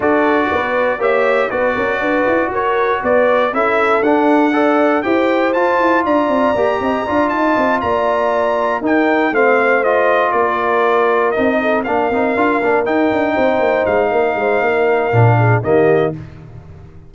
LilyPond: <<
  \new Staff \with { instrumentName = "trumpet" } { \time 4/4 \tempo 4 = 119 d''2 e''4 d''4~ | d''4 cis''4 d''4 e''4 | fis''2 g''4 a''4 | ais''2~ ais''8 a''4 ais''8~ |
ais''4. g''4 f''4 dis''8~ | dis''8 d''2 dis''4 f''8~ | f''4. g''2 f''8~ | f''2. dis''4 | }
  \new Staff \with { instrumentName = "horn" } { \time 4/4 a'4 b'4 cis''4 b'8 ais'8 | b'4 ais'4 b'4 a'4~ | a'4 d''4 c''2 | d''4. dis''8 d''8 dis''4 d''8~ |
d''4. ais'4 c''4.~ | c''8 ais'2~ ais'8 a'8 ais'8~ | ais'2~ ais'8 c''4. | ais'8 c''8 ais'4. gis'8 g'4 | }
  \new Staff \with { instrumentName = "trombone" } { \time 4/4 fis'2 g'4 fis'4~ | fis'2. e'4 | d'4 a'4 g'4 f'4~ | f'4 g'4 f'2~ |
f'4. dis'4 c'4 f'8~ | f'2~ f'8 dis'4 d'8 | dis'8 f'8 d'8 dis'2~ dis'8~ | dis'2 d'4 ais4 | }
  \new Staff \with { instrumentName = "tuba" } { \time 4/4 d'4 b4 ais4 b8 cis'8 | d'8 e'8 fis'4 b4 cis'4 | d'2 e'4 f'8 e'8 | d'8 c'8 ais8 c'8 d'8 dis'8 c'8 ais8~ |
ais4. dis'4 a4.~ | a8 ais2 c'4 ais8 | c'8 d'8 ais8 dis'8 d'8 c'8 ais8 gis8 | ais8 gis8 ais4 ais,4 dis4 | }
>>